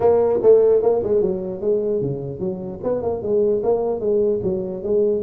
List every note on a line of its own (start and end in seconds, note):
0.00 0.40 A#3
0.42 0.82 A3
0.82 1.02 A#3
1.03 1.21 G#3
1.21 1.61 F#3
1.61 2.01 G#3
2.01 2.39 C#3
2.39 2.79 F#3
2.83 3.02 B3
3.02 3.22 A#3
3.22 3.62 G#3
3.63 4.00 A#3
4.00 4.40 G#3
4.43 4.83 F#3
4.83 5.22 G#3